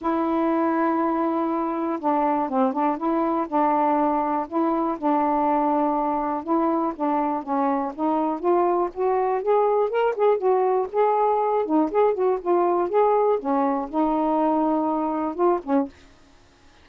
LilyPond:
\new Staff \with { instrumentName = "saxophone" } { \time 4/4 \tempo 4 = 121 e'1 | d'4 c'8 d'8 e'4 d'4~ | d'4 e'4 d'2~ | d'4 e'4 d'4 cis'4 |
dis'4 f'4 fis'4 gis'4 | ais'8 gis'8 fis'4 gis'4. dis'8 | gis'8 fis'8 f'4 gis'4 cis'4 | dis'2. f'8 cis'8 | }